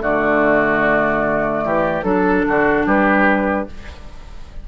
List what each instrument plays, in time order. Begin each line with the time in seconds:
0.00 bassoon D3, clarinet A3, oboe F#4, flute D5
1.65 bassoon E3, oboe G4
2.03 bassoon F#3, clarinet D4, flute A4, oboe A4
2.48 bassoon D3, oboe F#4
2.86 bassoon G3, oboe G4, flute B4